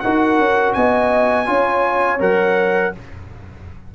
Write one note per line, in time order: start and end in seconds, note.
0.00 0.39 D#4
0.00 1.46 F#4
0.00 0.77 A#4
0.00 0.73 F#5
0.39 0.75 C#4
0.74 1.48 B3
0.74 1.48 D#5
0.74 2.20 G#5
1.46 2.21 C#4
1.46 2.19 F4
1.46 2.94 C#5
2.20 2.94 F#3
2.20 2.93 A#4
2.20 2.95 F#5